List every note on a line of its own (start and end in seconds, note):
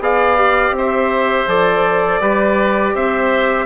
0.00 0.71 B3
0.00 0.37 G#4
0.00 0.76 D5
0.00 0.77 F5
0.37 1.47 G4
0.71 1.44 C4
0.78 2.21 C5
0.78 1.49 E5
1.47 2.20 F3
1.47 2.21 A4
1.47 2.96 D5
2.21 2.94 G3
2.21 3.66 G4
2.21 2.95 B4
2.95 3.66 C4
2.95 3.66 C5
2.95 3.66 E5